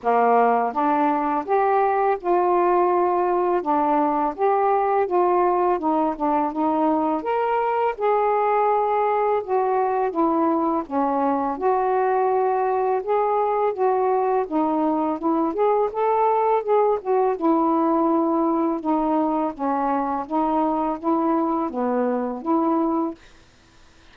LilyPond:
\new Staff \with { instrumentName = "saxophone" } { \time 4/4 \tempo 4 = 83 ais4 d'4 g'4 f'4~ | f'4 d'4 g'4 f'4 | dis'8 d'8 dis'4 ais'4 gis'4~ | gis'4 fis'4 e'4 cis'4 |
fis'2 gis'4 fis'4 | dis'4 e'8 gis'8 a'4 gis'8 fis'8 | e'2 dis'4 cis'4 | dis'4 e'4 b4 e'4 | }